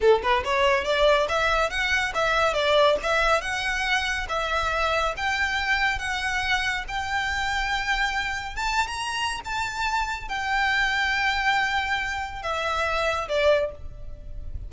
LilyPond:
\new Staff \with { instrumentName = "violin" } { \time 4/4 \tempo 4 = 140 a'8 b'8 cis''4 d''4 e''4 | fis''4 e''4 d''4 e''4 | fis''2 e''2 | g''2 fis''2 |
g''1 | a''8. ais''4~ ais''16 a''2 | g''1~ | g''4 e''2 d''4 | }